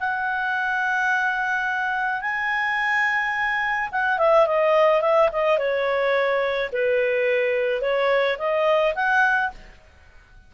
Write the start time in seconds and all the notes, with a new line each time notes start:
0.00 F#5
2.21 G#5
3.92 F#5
4.19 E5
4.47 D#5
5.02 E5
5.32 D#5
5.58 C#5
6.72 B4
7.82 C#5
8.38 D#5
8.95 F#5